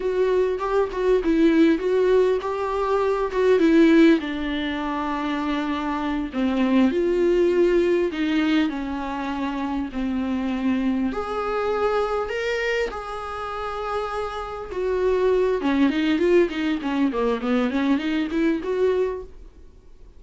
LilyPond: \new Staff \with { instrumentName = "viola" } { \time 4/4 \tempo 4 = 100 fis'4 g'8 fis'8 e'4 fis'4 | g'4. fis'8 e'4 d'4~ | d'2~ d'8 c'4 f'8~ | f'4. dis'4 cis'4.~ |
cis'8 c'2 gis'4.~ | gis'8 ais'4 gis'2~ gis'8~ | gis'8 fis'4. cis'8 dis'8 f'8 dis'8 | cis'8 ais8 b8 cis'8 dis'8 e'8 fis'4 | }